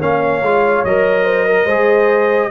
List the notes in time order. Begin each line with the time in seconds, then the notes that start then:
0.00 A#3 C#4 C#5 F5
0.42 G#3 F4
0.84 F#3 A#4 D#5
1.25 C5
1.45 A#4
1.65 G#3 G#4 C5